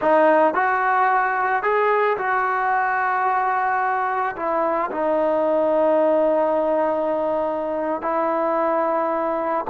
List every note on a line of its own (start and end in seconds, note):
0.01 0.54 D#4
0.54 1.62 F#4
1.62 2.17 G#4
2.17 4.35 F#4
4.35 4.90 E4
4.91 8.01 D#4
8.01 9.65 E4